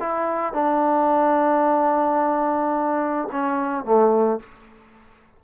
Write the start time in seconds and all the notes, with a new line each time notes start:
0.00 E4
0.53 D4
3.32 C#4
3.85 A3